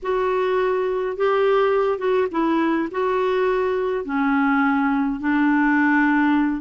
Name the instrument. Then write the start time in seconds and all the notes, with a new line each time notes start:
clarinet
0.02 F#4
1.16 G4
1.98 F#4
2.31 E4
2.91 F#4
4.04 C#4
5.19 D4